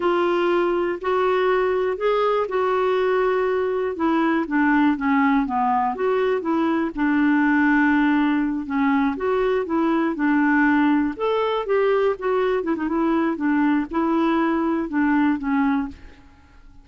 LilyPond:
\new Staff \with { instrumentName = "clarinet" } { \time 4/4 \tempo 4 = 121 f'2 fis'2 | gis'4 fis'2. | e'4 d'4 cis'4 b4 | fis'4 e'4 d'2~ |
d'4. cis'4 fis'4 e'8~ | e'8 d'2 a'4 g'8~ | g'8 fis'4 e'16 dis'16 e'4 d'4 | e'2 d'4 cis'4 | }